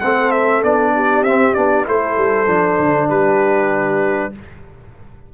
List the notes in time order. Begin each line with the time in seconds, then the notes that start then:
0.00 A3 C4 A4 F#5
0.32 E5
0.63 B3 D4 D5
0.95 G4
1.23 C4 E5
1.55 B3 D4 D5
1.86 A3 E4 A4 C5
2.18 G3
2.47 F3 D4
2.79 D3
3.09 G3 G4 B4